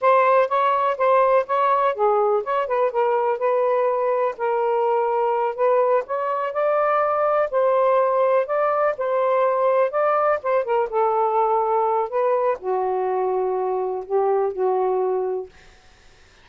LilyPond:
\new Staff \with { instrumentName = "saxophone" } { \time 4/4 \tempo 4 = 124 c''4 cis''4 c''4 cis''4 | gis'4 cis''8 b'8 ais'4 b'4~ | b'4 ais'2~ ais'8 b'8~ | b'8 cis''4 d''2 c''8~ |
c''4. d''4 c''4.~ | c''8 d''4 c''8 ais'8 a'4.~ | a'4 b'4 fis'2~ | fis'4 g'4 fis'2 | }